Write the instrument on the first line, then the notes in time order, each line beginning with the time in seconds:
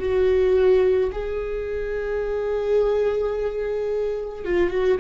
viola
0.00 F#4
1.13 G#4
4.45 F4
4.71 F#4